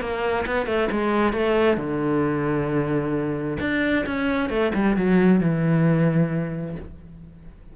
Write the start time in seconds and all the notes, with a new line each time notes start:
0.00 A#3
0.46 B3
0.66 A3
0.91 G#3
1.32 A3
1.77 D3
3.60 D4
4.06 C#4
4.49 A3
4.74 G3
4.96 F#3
5.40 E3